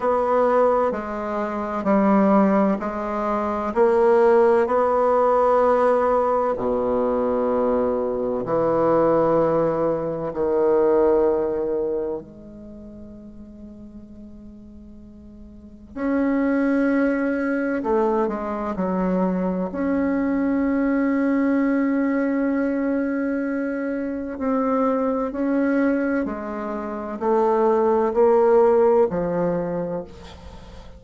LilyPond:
\new Staff \with { instrumentName = "bassoon" } { \time 4/4 \tempo 4 = 64 b4 gis4 g4 gis4 | ais4 b2 b,4~ | b,4 e2 dis4~ | dis4 gis2.~ |
gis4 cis'2 a8 gis8 | fis4 cis'2.~ | cis'2 c'4 cis'4 | gis4 a4 ais4 f4 | }